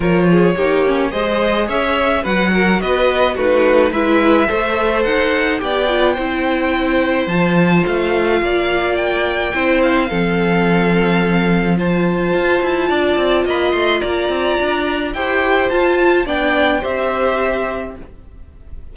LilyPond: <<
  \new Staff \with { instrumentName = "violin" } { \time 4/4 \tempo 4 = 107 cis''2 dis''4 e''4 | fis''4 dis''4 b'4 e''4~ | e''4 fis''4 g''2~ | g''4 a''4 f''2 |
g''4. f''2~ f''8~ | f''4 a''2. | b''8 c'''8 ais''2 g''4 | a''4 g''4 e''2 | }
  \new Staff \with { instrumentName = "violin" } { \time 4/4 ais'8 gis'8 g'4 c''4 cis''4 | b'8 ais'8 b'4 fis'4 b'4 | c''2 d''4 c''4~ | c''2. d''4~ |
d''4 c''4 a'2~ | a'4 c''2 d''4 | dis''4 d''2 c''4~ | c''4 d''4 c''2 | }
  \new Staff \with { instrumentName = "viola" } { \time 4/4 f'4 dis'8 cis'8 gis'2 | fis'2 dis'4 e'4 | a'2 g'8 f'8 e'4~ | e'4 f'2.~ |
f'4 e'4 c'2~ | c'4 f'2.~ | f'2. g'4 | f'4 d'4 g'2 | }
  \new Staff \with { instrumentName = "cello" } { \time 4/4 f4 ais4 gis4 cis'4 | fis4 b4 a4 gis4 | a4 dis'4 b4 c'4~ | c'4 f4 a4 ais4~ |
ais4 c'4 f2~ | f2 f'8 e'8 d'8 c'8 | ais8 a8 ais8 c'8 d'4 e'4 | f'4 b4 c'2 | }
>>